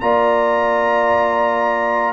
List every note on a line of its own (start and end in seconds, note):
0.00 2.13 A#3
0.00 2.13 F4
0.00 2.13 D5
0.00 2.13 A#5